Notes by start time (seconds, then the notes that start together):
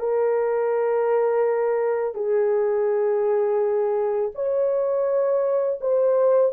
0.00 A#4
2.15 G#4
4.35 C#5
5.81 C5